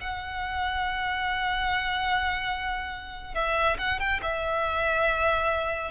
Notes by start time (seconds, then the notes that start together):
0.00 F#5
3.34 E5
3.78 F#5
3.99 G5
4.22 E5